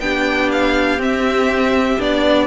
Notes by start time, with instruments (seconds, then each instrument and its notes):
0.00 cello B3, viola D4, violin G4 G5
0.52 violin F5
0.98 viola C4, cello C4, violin E5
1.99 cello B3, viola D4, violin D5